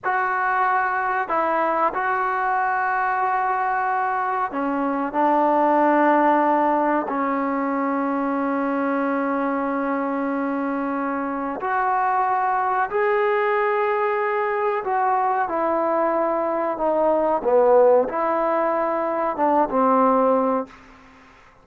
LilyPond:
\new Staff \with { instrumentName = "trombone" } { \time 4/4 \tempo 4 = 93 fis'2 e'4 fis'4~ | fis'2. cis'4 | d'2. cis'4~ | cis'1~ |
cis'2 fis'2 | gis'2. fis'4 | e'2 dis'4 b4 | e'2 d'8 c'4. | }